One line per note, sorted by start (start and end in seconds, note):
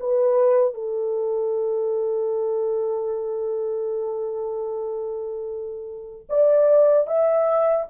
0.00 0.74 B4
0.74 6.27 A4
6.29 7.07 D5
7.07 7.86 E5